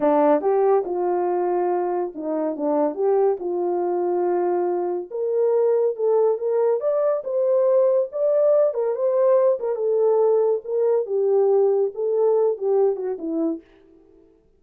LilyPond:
\new Staff \with { instrumentName = "horn" } { \time 4/4 \tempo 4 = 141 d'4 g'4 f'2~ | f'4 dis'4 d'4 g'4 | f'1 | ais'2 a'4 ais'4 |
d''4 c''2 d''4~ | d''8 ais'8 c''4. ais'8 a'4~ | a'4 ais'4 g'2 | a'4. g'4 fis'8 e'4 | }